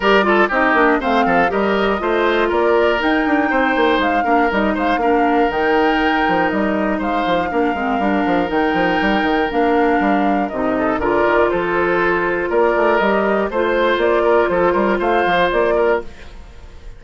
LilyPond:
<<
  \new Staff \with { instrumentName = "flute" } { \time 4/4 \tempo 4 = 120 d''4 dis''4 f''4 dis''4~ | dis''4 d''4 g''2 | f''4 dis''8 f''4. g''4~ | g''4 dis''4 f''2~ |
f''4 g''2 f''4~ | f''4 dis''4 d''4 c''4~ | c''4 d''4 dis''4 c''4 | d''4 c''4 f''4 d''4 | }
  \new Staff \with { instrumentName = "oboe" } { \time 4/4 ais'8 a'8 g'4 c''8 a'8 ais'4 | c''4 ais'2 c''4~ | c''8 ais'4 c''8 ais'2~ | ais'2 c''4 ais'4~ |
ais'1~ | ais'4. a'8 ais'4 a'4~ | a'4 ais'2 c''4~ | c''8 ais'8 a'8 ais'8 c''4. ais'8 | }
  \new Staff \with { instrumentName = "clarinet" } { \time 4/4 g'8 f'8 dis'8 d'8 c'4 g'4 | f'2 dis'2~ | dis'8 d'8 dis'4 d'4 dis'4~ | dis'2. d'8 c'8 |
d'4 dis'2 d'4~ | d'4 dis'4 f'2~ | f'2 g'4 f'4~ | f'1 | }
  \new Staff \with { instrumentName = "bassoon" } { \time 4/4 g4 c'8 ais8 a8 f8 g4 | a4 ais4 dis'8 d'8 c'8 ais8 | gis8 ais8 g8 gis8 ais4 dis4~ | dis8 f8 g4 gis8 f8 ais8 gis8 |
g8 f8 dis8 f8 g8 dis8 ais4 | g4 c4 d8 dis8 f4~ | f4 ais8 a8 g4 a4 | ais4 f8 g8 a8 f8 ais4 | }
>>